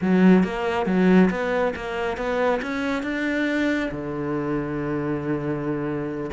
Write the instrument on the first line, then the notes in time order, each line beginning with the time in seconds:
cello
0.01 F#3
0.43 A#3
0.86 F#3
1.30 B3
1.75 A#3
2.17 B3
2.62 C#4
3.03 D4
3.91 D3